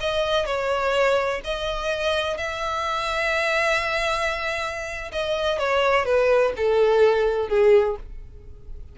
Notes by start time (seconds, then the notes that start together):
0.00 D#5
0.45 C#5
1.44 D#5
2.37 E5
5.12 D#5
5.58 C#5
6.05 B4
6.56 A4
7.48 G#4